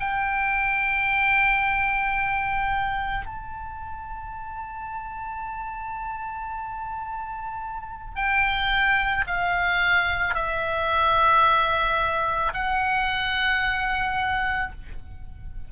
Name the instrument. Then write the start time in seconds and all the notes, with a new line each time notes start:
oboe
0.00 G5
3.26 A5
8.16 G5
9.27 F5
10.34 E5
12.53 F#5